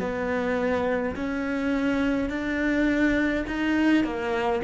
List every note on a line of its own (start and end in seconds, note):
0.00 1.15 B3
1.16 2.30 C#4
2.30 3.45 D4
3.47 4.04 D#4
4.04 4.62 A#3